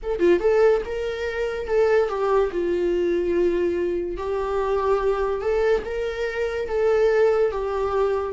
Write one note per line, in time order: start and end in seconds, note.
0.02 0.19 A4
0.19 0.39 F4
0.40 0.81 A4
0.85 1.67 A#4
1.67 2.08 A4
2.08 2.50 G4
2.51 4.17 F4
4.17 5.41 G4
5.41 5.83 A4
5.84 6.68 A#4
6.68 7.51 A4
7.51 8.33 G4